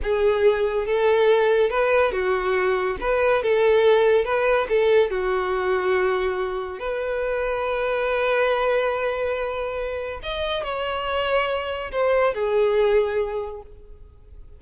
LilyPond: \new Staff \with { instrumentName = "violin" } { \time 4/4 \tempo 4 = 141 gis'2 a'2 | b'4 fis'2 b'4 | a'2 b'4 a'4 | fis'1 |
b'1~ | b'1 | dis''4 cis''2. | c''4 gis'2. | }